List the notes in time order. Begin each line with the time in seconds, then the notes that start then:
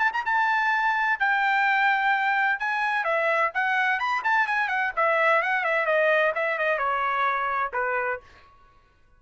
0.00 A5
0.13 A#5
0.26 A5
1.20 G5
2.60 G#5
3.04 E5
3.55 F#5
4.00 B5
4.24 A5
4.48 G#5
4.69 F#5
4.96 E5
5.43 F#5
5.64 E5
5.86 D#5
6.35 E5
6.59 D#5
6.78 C#5
7.74 B4